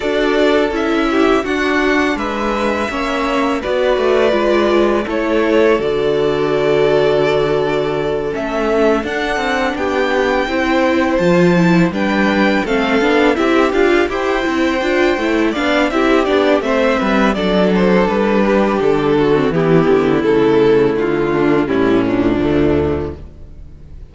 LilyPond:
<<
  \new Staff \with { instrumentName = "violin" } { \time 4/4 \tempo 4 = 83 d''4 e''4 fis''4 e''4~ | e''4 d''2 cis''4 | d''2.~ d''8 e''8~ | e''8 fis''4 g''2 a''8~ |
a''8 g''4 f''4 e''8 f''8 g''8~ | g''4. f''8 e''8 d''8 e''4 | d''8 c''8 b'4 a'4 g'4 | a'4 f'4 e'8 d'4. | }
  \new Staff \with { instrumentName = "violin" } { \time 4/4 a'4. g'8 fis'4 b'4 | cis''4 b'2 a'4~ | a'1~ | a'4. g'4 c''4.~ |
c''8 b'4 a'4 g'4 c''8~ | c''4. d''8 g'4 c''8 b'8 | a'4. g'4 fis'8 e'4~ | e'4. d'8 cis'4 a4 | }
  \new Staff \with { instrumentName = "viola" } { \time 4/4 fis'4 e'4 d'2 | cis'4 fis'4 f'4 e'4 | fis'2.~ fis'8 cis'8~ | cis'8 d'2 e'4 f'8 |
e'8 d'4 c'8 d'8 e'8 f'8 g'8 | e'8 f'8 e'8 d'8 e'8 d'8 c'4 | d'2~ d'8. c'16 b4 | a2 g8 f4. | }
  \new Staff \with { instrumentName = "cello" } { \time 4/4 d'4 cis'4 d'4 gis4 | ais4 b8 a8 gis4 a4 | d2.~ d8 a8~ | a8 d'8 c'8 b4 c'4 f8~ |
f8 g4 a8 b8 c'8 d'8 e'8 | c'8 d'8 a8 b8 c'8 b8 a8 g8 | fis4 g4 d4 e8 d8 | cis4 d4 a,4 d,4 | }
>>